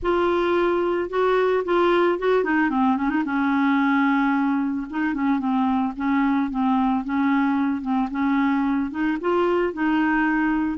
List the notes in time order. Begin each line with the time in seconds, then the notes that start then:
0.02 F4
1.09 F#4
1.64 F4
2.19 F#4
2.43 D#4
2.70 C4
2.97 C#4
3.09 D#4
3.24 C#4
4.90 D#4
5.14 C#4
5.39 C4
5.96 C#4
6.50 C4
7.04 C#4
7.81 C4
8.11 C#4
8.90 D#4
9.20 F4
9.73 D#4